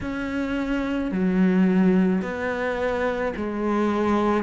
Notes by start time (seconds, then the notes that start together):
0.01 C#4
1.11 F#3
2.22 B3
3.36 G#3